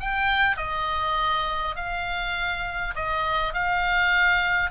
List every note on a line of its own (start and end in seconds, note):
0.00 0.57 G5
0.57 1.76 D#5
1.76 2.94 F5
2.95 3.54 D#5
3.54 4.70 F5